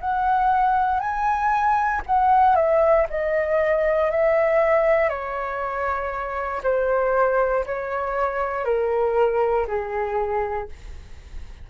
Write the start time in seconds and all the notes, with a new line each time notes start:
0.00 F#5
0.99 G#5
2.06 F#5
2.55 E5
3.09 D#5
4.10 E5
5.09 C#5
6.63 C5
7.65 C#5
8.64 A#4
9.67 G#4